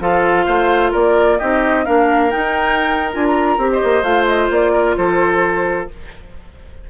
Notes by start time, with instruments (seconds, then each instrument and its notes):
0.00 bassoon F3, clarinet F4, oboe A4, flute F5
0.45 bassoon A3, oboe C5
0.91 bassoon A#3, oboe A#4, flute D5
1.38 bassoon C4, clarinet D#4, oboe G4, flute D#5
1.85 bassoon A#3, clarinet D4, oboe A#4, flute F5
2.30 clarinet D#4, bassoon D#4, flute G5
3.13 bassoon D4, clarinet F4, flute G#5
3.26 flute A#5
3.58 bassoon C4, clarinet G4
3.72 oboe C5, flute D#5
3.83 bassoon A#3
4.02 bassoon A3, clarinet F4, flute F5
4.26 flute D#5
4.50 bassoon A#3, flute D5
4.72 oboe A#4
4.97 bassoon F3, oboe A4, flute C5